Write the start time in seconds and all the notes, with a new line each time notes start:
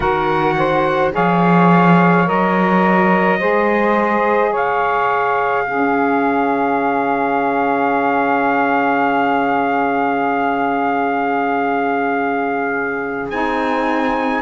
0.00 D#3 F#4 A#4 F#5
0.58 C5
1.12 F3 G#4 C#5 F5
2.26 F#3 A#4 D#5
3.39 G#3 G#4 C5
4.50 C#3 C#5 F5
5.66 C#4 G#4
13.29 C4 D#4 G#5